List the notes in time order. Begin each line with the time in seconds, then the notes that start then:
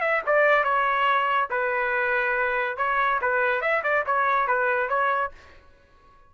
0.00 E5
0.26 D5
0.63 C#5
1.50 B4
2.77 C#5
3.21 B4
3.61 E5
3.83 D5
4.06 C#5
4.47 B4
4.89 C#5